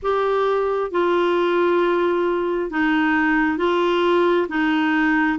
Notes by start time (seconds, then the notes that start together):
0.02 G4
0.91 F4
2.70 D#4
3.57 F4
4.49 D#4